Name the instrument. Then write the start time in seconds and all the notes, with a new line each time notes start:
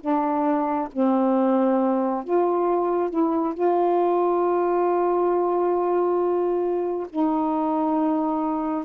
saxophone
0.00 D4
0.92 C4
2.24 F4
3.10 E4
3.54 F4
7.10 D#4